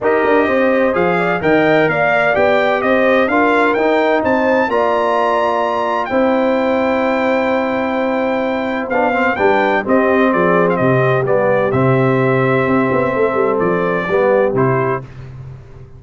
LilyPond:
<<
  \new Staff \with { instrumentName = "trumpet" } { \time 4/4 \tempo 4 = 128 dis''2 f''4 g''4 | f''4 g''4 dis''4 f''4 | g''4 a''4 ais''2~ | ais''4 g''2.~ |
g''2. f''4 | g''4 dis''4 d''8. f''16 dis''4 | d''4 e''2.~ | e''4 d''2 c''4 | }
  \new Staff \with { instrumentName = "horn" } { \time 4/4 ais'4 c''4. d''8 dis''4 | d''2 c''4 ais'4~ | ais'4 c''4 d''2~ | d''4 c''2.~ |
c''1 | b'4 g'4 gis'4 g'4~ | g'1 | a'2 g'2 | }
  \new Staff \with { instrumentName = "trombone" } { \time 4/4 g'2 gis'4 ais'4~ | ais'4 g'2 f'4 | dis'2 f'2~ | f'4 e'2.~ |
e'2. d'8 c'8 | d'4 c'2. | b4 c'2.~ | c'2 b4 e'4 | }
  \new Staff \with { instrumentName = "tuba" } { \time 4/4 dis'8 d'8 c'4 f4 dis4 | ais4 b4 c'4 d'4 | dis'4 c'4 ais2~ | ais4 c'2.~ |
c'2. b4 | g4 c'4 f4 c4 | g4 c2 c'8 b8 | a8 g8 f4 g4 c4 | }
>>